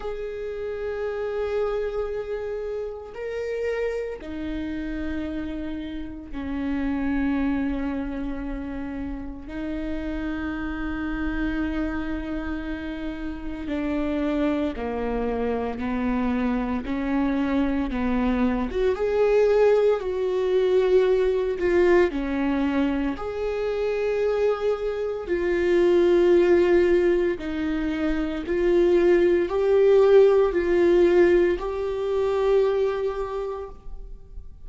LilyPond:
\new Staff \with { instrumentName = "viola" } { \time 4/4 \tempo 4 = 57 gis'2. ais'4 | dis'2 cis'2~ | cis'4 dis'2.~ | dis'4 d'4 ais4 b4 |
cis'4 b8. fis'16 gis'4 fis'4~ | fis'8 f'8 cis'4 gis'2 | f'2 dis'4 f'4 | g'4 f'4 g'2 | }